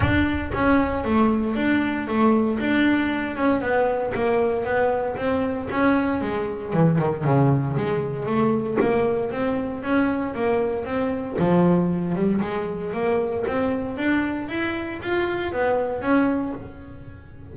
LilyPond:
\new Staff \with { instrumentName = "double bass" } { \time 4/4 \tempo 4 = 116 d'4 cis'4 a4 d'4 | a4 d'4. cis'8 b4 | ais4 b4 c'4 cis'4 | gis4 e8 dis8 cis4 gis4 |
a4 ais4 c'4 cis'4 | ais4 c'4 f4. g8 | gis4 ais4 c'4 d'4 | e'4 f'4 b4 cis'4 | }